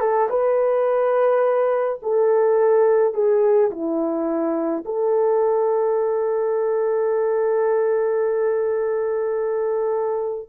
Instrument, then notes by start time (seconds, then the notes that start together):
horn
0.00 A4
0.29 B4
2.02 A4
3.14 G#4
3.70 E4
4.85 A4